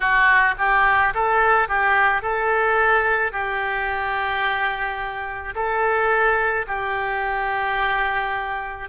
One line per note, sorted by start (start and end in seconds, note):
0.00 0.55 F#4
0.58 1.13 G4
1.14 1.68 A4
1.68 2.22 G4
2.22 3.32 A4
3.32 5.54 G4
5.55 6.66 A4
6.67 8.89 G4